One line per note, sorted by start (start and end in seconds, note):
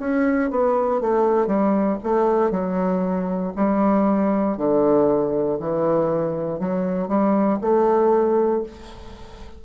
0.00 0.51 C#4
0.51 1.01 B3
1.01 1.47 A3
1.47 1.98 G3
2.04 2.51 A3
2.51 3.53 F#3
3.56 4.58 G3
4.58 5.59 D3
5.60 6.60 E3
6.60 7.08 F#3
7.08 7.59 G3
7.62 8.63 A3